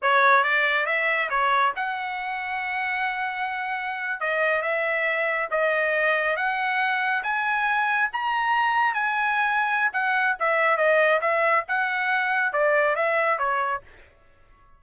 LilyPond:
\new Staff \with { instrumentName = "trumpet" } { \time 4/4 \tempo 4 = 139 cis''4 d''4 e''4 cis''4 | fis''1~ | fis''4.~ fis''16 dis''4 e''4~ e''16~ | e''8. dis''2 fis''4~ fis''16~ |
fis''8. gis''2 ais''4~ ais''16~ | ais''8. gis''2~ gis''16 fis''4 | e''4 dis''4 e''4 fis''4~ | fis''4 d''4 e''4 cis''4 | }